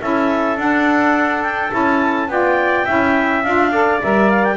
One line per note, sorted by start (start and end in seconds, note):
0.00 0.56 C#4
0.00 0.57 E4
0.00 2.30 A4
0.00 0.58 E5
0.56 1.70 D4
0.56 1.42 F#5
1.42 1.71 G5
1.70 2.28 C#4
1.70 2.27 E4
1.70 2.30 A5
2.28 2.85 B3
2.28 2.86 F4
2.28 2.85 D5
2.28 3.43 G5
2.85 3.44 C#4
2.85 3.43 E4
2.85 3.71 E5
3.43 4.01 D4
3.43 3.72 F4
3.43 4.00 F5
3.71 4.00 A4
3.71 4.56 D5
4.02 4.56 G3
4.02 4.56 A#4
4.02 4.30 E5
4.30 4.44 F5
4.44 4.56 G5